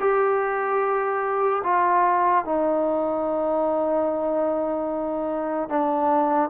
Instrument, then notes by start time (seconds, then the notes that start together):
trombone
0.00 G4
1.64 F4
2.45 D#4
5.69 D4